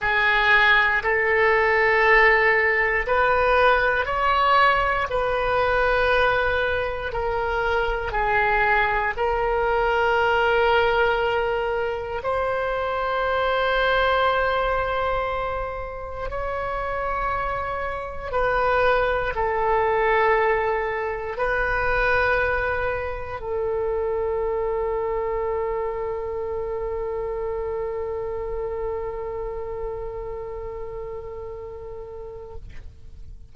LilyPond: \new Staff \with { instrumentName = "oboe" } { \time 4/4 \tempo 4 = 59 gis'4 a'2 b'4 | cis''4 b'2 ais'4 | gis'4 ais'2. | c''1 |
cis''2 b'4 a'4~ | a'4 b'2 a'4~ | a'1~ | a'1 | }